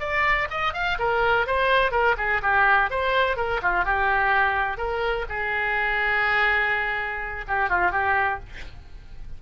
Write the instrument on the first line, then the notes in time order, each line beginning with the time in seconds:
oboe
0.00 D5
0.50 D#5
0.74 F5
0.99 A#4
1.47 C5
1.91 A#4
2.18 G#4
2.42 G4
2.90 C5
3.37 A#4
3.62 F4
3.85 G4
4.78 A#4
5.29 G#4
7.48 G4
7.70 F4
7.91 G4